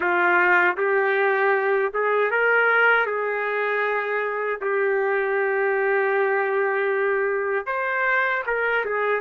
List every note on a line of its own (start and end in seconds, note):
0.00 0.77 F4
0.77 1.92 G4
1.93 2.30 G#4
2.30 3.06 A#4
3.06 4.60 G#4
4.61 7.66 G4
7.66 8.43 C5
8.46 8.84 A#4
8.85 9.20 G#4